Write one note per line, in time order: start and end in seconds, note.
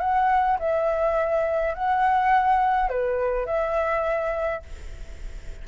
0.00 0.58 F#5
0.59 1.74 E5
1.74 2.89 F#5
2.89 3.46 B4
3.46 4.63 E5